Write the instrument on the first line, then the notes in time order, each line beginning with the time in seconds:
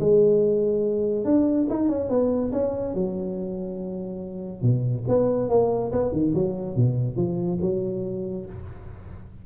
tuba
0.00 G#3
1.25 D4
1.70 D#4
1.89 C#4
2.09 B3
2.52 C#4
2.94 F#3
4.62 B2
5.08 B3
5.49 A#3
5.92 B3
6.12 D#3
6.34 F#3
6.76 B2
7.16 F3
7.61 F#3